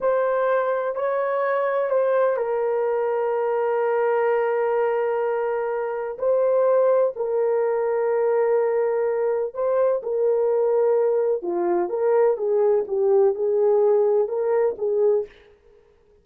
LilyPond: \new Staff \with { instrumentName = "horn" } { \time 4/4 \tempo 4 = 126 c''2 cis''2 | c''4 ais'2.~ | ais'1~ | ais'4 c''2 ais'4~ |
ais'1 | c''4 ais'2. | f'4 ais'4 gis'4 g'4 | gis'2 ais'4 gis'4 | }